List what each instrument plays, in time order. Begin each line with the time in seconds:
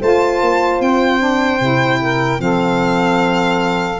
0.00 tuba A3, saxophone F4 C5, violin A5
0.41 tuba A#3
0.80 tuba C4, violin G5
1.19 saxophone D4
1.60 tuba C3, saxophone E4
2.01 saxophone A#4
2.37 tuba F3, saxophone C4 A4, violin F5